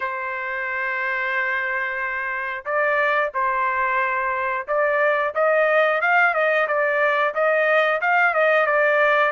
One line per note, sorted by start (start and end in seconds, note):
0.00 2.65 C5
2.65 3.32 D5
3.33 4.67 C5
4.67 5.34 D5
5.34 6.01 D#5
6.01 6.33 F5
6.33 6.67 D#5
6.67 7.34 D5
7.34 8.01 D#5
8.01 8.33 F5
8.33 8.66 D#5
8.66 9.32 D5